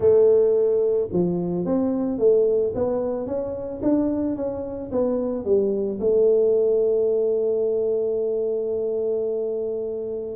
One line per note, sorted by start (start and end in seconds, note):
0.00 1.08 A3
1.12 1.65 F3
1.65 2.18 C4
2.18 2.73 A3
2.74 3.26 B3
3.26 3.81 C#4
3.82 4.36 D4
4.36 4.90 C#4
4.91 5.44 B3
5.44 5.99 G3
6.00 10.36 A3